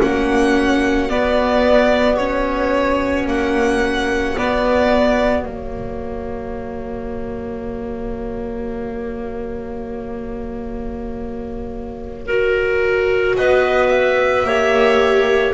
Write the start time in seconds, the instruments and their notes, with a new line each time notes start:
0.00 double bass A#3, viola C#4, clarinet F#4, violin F#5
1.09 viola B3, double bass B3, violin D5
2.17 viola C#4, violin C#5
3.26 double bass A#3, violin F#5
4.37 viola B3, double bass B3, violin D5
5.44 double bass F#3, viola A#3, violin C#5
12.26 viola F#4, clarinet A#4
13.37 double bass B3, clarinet B4, violin D#5
13.90 violin E5
14.44 double bass A#3, viola G4, clarinet C#5